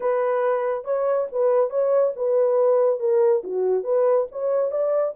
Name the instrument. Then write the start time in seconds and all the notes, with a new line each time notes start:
horn
0.00 B4
0.84 C#5
1.31 B4
1.70 C#5
2.15 B4
2.99 A#4
3.43 F#4
3.83 B4
4.31 C#5
4.71 D5